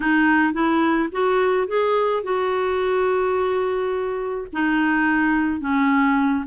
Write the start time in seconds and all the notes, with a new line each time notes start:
0.00 D#4
0.53 E4
1.12 F#4
1.67 G#4
2.23 F#4
4.53 D#4
5.60 C#4